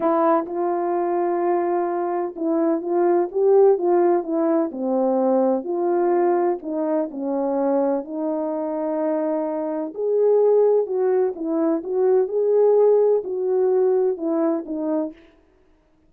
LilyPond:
\new Staff \with { instrumentName = "horn" } { \time 4/4 \tempo 4 = 127 e'4 f'2.~ | f'4 e'4 f'4 g'4 | f'4 e'4 c'2 | f'2 dis'4 cis'4~ |
cis'4 dis'2.~ | dis'4 gis'2 fis'4 | e'4 fis'4 gis'2 | fis'2 e'4 dis'4 | }